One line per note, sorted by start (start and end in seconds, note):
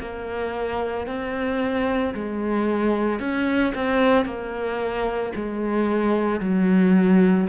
0.00 1.06 A#3
1.06 2.13 C4
2.14 3.19 G#3
3.19 3.73 C#4
3.74 4.25 C4
4.25 5.32 A#3
5.35 6.39 G#3
6.39 7.47 F#3